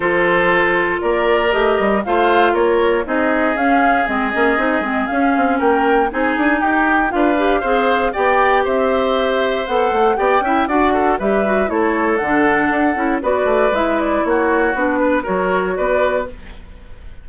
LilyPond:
<<
  \new Staff \with { instrumentName = "flute" } { \time 4/4 \tempo 4 = 118 c''2 d''4 dis''4 | f''4 cis''4 dis''4 f''4 | dis''2 f''4 g''4 | gis''4 g''4 f''2 |
g''4 e''2 fis''4 | g''4 fis''4 e''4 cis''4 | fis''2 d''4 e''8 d''8 | cis''4 b'4 cis''4 d''4 | }
  \new Staff \with { instrumentName = "oboe" } { \time 4/4 a'2 ais'2 | c''4 ais'4 gis'2~ | gis'2. ais'4 | gis'4 g'4 b'4 c''4 |
d''4 c''2. | d''8 e''8 d''8 a'8 b'4 a'4~ | a'2 b'2 | fis'4. b'8 ais'4 b'4 | }
  \new Staff \with { instrumentName = "clarinet" } { \time 4/4 f'2. g'4 | f'2 dis'4 cis'4 | c'8 cis'8 dis'8 c'8 cis'2 | dis'2 f'8 g'8 gis'4 |
g'2. a'4 | g'8 e'8 fis'4 g'8 fis'8 e'4 | d'4. e'8 fis'4 e'4~ | e'4 d'4 fis'2 | }
  \new Staff \with { instrumentName = "bassoon" } { \time 4/4 f2 ais4 a8 g8 | a4 ais4 c'4 cis'4 | gis8 ais8 c'8 gis8 cis'8 c'8 ais4 | c'8 d'8 dis'4 d'4 c'4 |
b4 c'2 b8 a8 | b8 cis'8 d'4 g4 a4 | d4 d'8 cis'8 b8 a8 gis4 | ais4 b4 fis4 b4 | }
>>